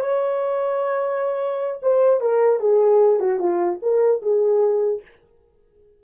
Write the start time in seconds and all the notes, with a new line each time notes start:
0.00 C#5
1.82 C5
2.20 A#4
2.59 G#4
3.19 F#4
3.39 F4
3.82 A#4
4.21 G#4